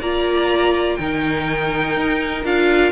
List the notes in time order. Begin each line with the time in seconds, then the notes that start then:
0.00 A#3 F4 D5 A#5
0.96 D#3 D#4 A#4 G5
1.97 D#4
2.45 D4 F4 F5